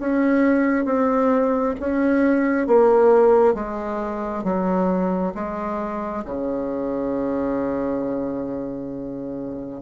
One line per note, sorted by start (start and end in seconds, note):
0.00 0.85 C#4
0.85 1.75 C4
1.80 2.67 C#4
2.67 3.55 A#3
3.55 4.44 G#3
4.44 5.33 F#3
5.35 6.24 G#3
6.25 9.82 C#3